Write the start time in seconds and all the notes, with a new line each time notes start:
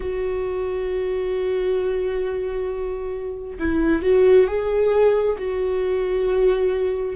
0.00 F#4
3.58 E4
4.02 F#4
4.47 G#4
5.38 F#4